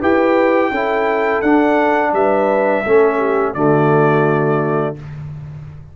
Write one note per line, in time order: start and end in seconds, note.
0.00 0.71 E4
0.00 0.72 G4
0.00 0.71 B4
0.00 1.42 G5
0.71 1.42 C#4
0.71 1.44 E4
0.71 2.12 A4
1.42 2.13 D4
1.42 2.85 D4
1.42 2.12 F#5
2.13 2.84 G3
2.13 2.84 B4
2.13 3.54 E5
2.84 3.55 A3
2.84 3.55 C#4
2.84 3.18 A4
3.18 3.53 G4
3.54 4.96 D3
3.54 4.97 A3
3.54 4.96 F#4
3.54 4.95 D5